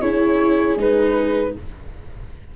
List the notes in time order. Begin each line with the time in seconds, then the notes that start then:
0.00 C#4 E4 G#4 C#5
0.76 G#3 D#4 B4